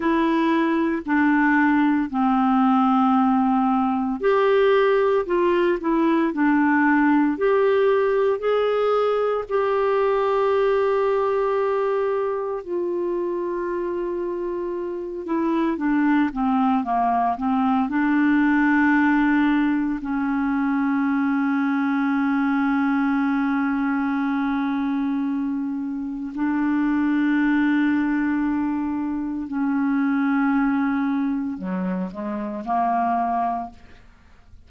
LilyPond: \new Staff \with { instrumentName = "clarinet" } { \time 4/4 \tempo 4 = 57 e'4 d'4 c'2 | g'4 f'8 e'8 d'4 g'4 | gis'4 g'2. | f'2~ f'8 e'8 d'8 c'8 |
ais8 c'8 d'2 cis'4~ | cis'1~ | cis'4 d'2. | cis'2 fis8 gis8 ais4 | }